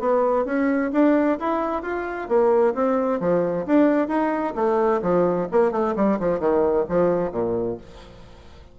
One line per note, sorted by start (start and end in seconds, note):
0.00 0.46 B3
0.46 0.91 C#4
0.93 1.39 D4
1.40 1.83 E4
1.83 2.29 F4
2.29 2.75 A#3
2.75 3.20 C4
3.20 3.66 F3
3.67 4.08 D4
4.08 4.54 D#4
4.56 5.02 A3
5.03 5.48 F3
5.52 5.72 A#3
5.72 5.95 A3
5.96 6.19 G3
6.20 6.40 F3
6.40 6.86 D#3
6.89 7.32 F3
7.32 7.78 A#2